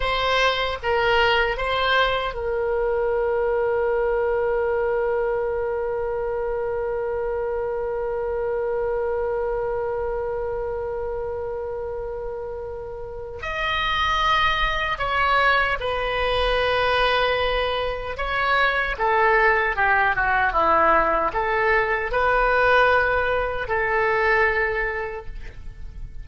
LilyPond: \new Staff \with { instrumentName = "oboe" } { \time 4/4 \tempo 4 = 76 c''4 ais'4 c''4 ais'4~ | ais'1~ | ais'1~ | ais'1~ |
ais'4 dis''2 cis''4 | b'2. cis''4 | a'4 g'8 fis'8 e'4 a'4 | b'2 a'2 | }